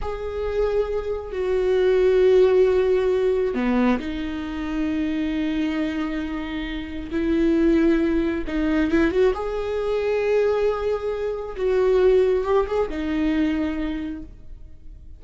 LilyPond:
\new Staff \with { instrumentName = "viola" } { \time 4/4 \tempo 4 = 135 gis'2. fis'4~ | fis'1 | b4 dis'2.~ | dis'1 |
e'2. dis'4 | e'8 fis'8 gis'2.~ | gis'2 fis'2 | g'8 gis'8 dis'2. | }